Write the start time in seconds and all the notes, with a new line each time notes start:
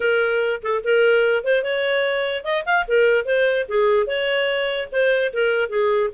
0.00 A#4
0.62 A4
0.83 A#4
1.44 C5
1.63 C#5
2.44 D#5
2.65 F5
2.87 A#4
3.25 C5
3.68 G#4
4.06 C#5
4.91 C5
5.33 A#4
5.69 G#4